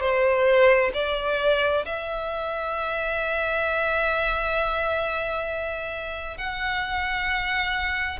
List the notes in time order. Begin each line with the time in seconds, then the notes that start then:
0.00 C5
0.93 D5
1.85 E5
6.37 F#5